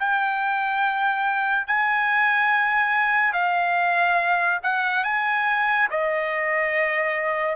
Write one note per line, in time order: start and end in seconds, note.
0.00 1.67 G5
1.67 3.33 G#5
3.33 4.60 F5
4.64 5.04 F#5
5.04 5.88 G#5
5.91 7.56 D#5